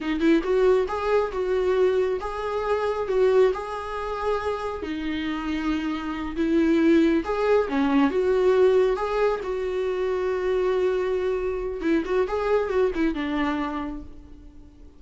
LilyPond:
\new Staff \with { instrumentName = "viola" } { \time 4/4 \tempo 4 = 137 dis'8 e'8 fis'4 gis'4 fis'4~ | fis'4 gis'2 fis'4 | gis'2. dis'4~ | dis'2~ dis'8 e'4.~ |
e'8 gis'4 cis'4 fis'4.~ | fis'8 gis'4 fis'2~ fis'8~ | fis'2. e'8 fis'8 | gis'4 fis'8 e'8 d'2 | }